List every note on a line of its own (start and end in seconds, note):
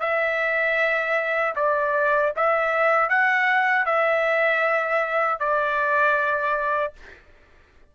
0.00 1.54 E5
1.56 2.33 D5
2.37 3.09 E5
3.09 3.86 F#5
3.86 5.40 E5
5.40 6.93 D5